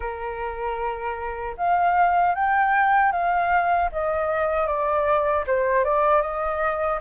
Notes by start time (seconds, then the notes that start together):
0.00 A#4
1.57 F5
2.34 G5
3.12 F5
3.92 D#5
4.66 D5
5.46 C5
5.84 D5
6.21 D#5